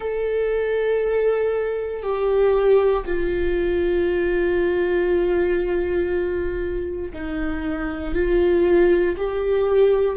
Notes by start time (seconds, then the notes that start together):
0.00 A4
2.02 G4
3.05 F4
7.13 D#4
8.14 F4
9.17 G4